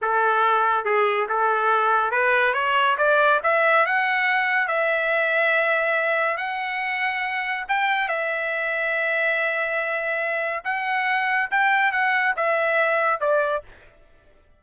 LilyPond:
\new Staff \with { instrumentName = "trumpet" } { \time 4/4 \tempo 4 = 141 a'2 gis'4 a'4~ | a'4 b'4 cis''4 d''4 | e''4 fis''2 e''4~ | e''2. fis''4~ |
fis''2 g''4 e''4~ | e''1~ | e''4 fis''2 g''4 | fis''4 e''2 d''4 | }